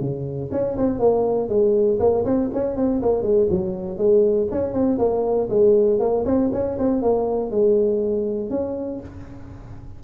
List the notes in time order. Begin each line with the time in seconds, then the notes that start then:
0.00 C#3
0.51 C#4
0.77 C4
0.99 A#3
1.49 G#3
1.99 A#3
2.25 C4
2.53 C#4
2.76 C4
3.02 A#3
3.22 G#3
3.50 F#3
3.97 G#3
4.51 C#4
4.73 C4
4.98 A#3
5.50 G#3
5.99 A#3
6.25 C4
6.52 C#4
6.78 C4
7.02 A#3
7.50 G#3
8.50 C#4